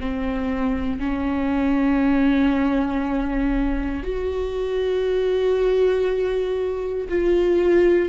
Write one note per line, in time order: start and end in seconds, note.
0.00 0.99 C4
0.99 4.03 C#4
4.03 7.08 F#4
7.09 8.09 F4